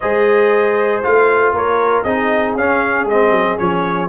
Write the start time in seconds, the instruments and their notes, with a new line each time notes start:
0.00 tuba G#3, trombone G#4, horn C5, trumpet D#5
1.03 tuba A3, trombone F4, trumpet F5
1.52 tuba A#3, horn A#4, trumpet C#5
2.03 tuba C4, trombone D#4, horn G#4, trumpet D#5
2.55 tuba C#4, trombone C#4, trumpet F5
3.05 tuba G#3, trombone C4, trumpet D#5
3.30 tuba F#3
3.57 tuba F3, trombone C#4, trumpet C#5